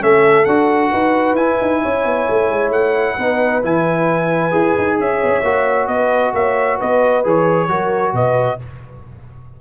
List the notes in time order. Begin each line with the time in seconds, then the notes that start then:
0.00 A3 C#4 A4 E5
0.45 D4 F#4 F#5
0.91 D#4 B4
1.34 E4 G#5
1.62 D#4
1.82 C#4 C#5
2.05 B3
2.29 A3
2.49 G#3
2.70 A3 F#5
3.16 B3 D#4 B4
3.63 E3 E4 G#5
4.52 E4 G#4
4.78 D#4
5.00 C#4 C#5 E5
5.22 B3
5.28 C#4
5.43 A#3 F#4
5.88 B3 B4 D#5
6.34 A#3 C#5 E5
6.78 B3 B4 D#5
7.24 E3 G#4 C#5
7.68 F#3 F#4 A#4
8.13 B2 B4 D#5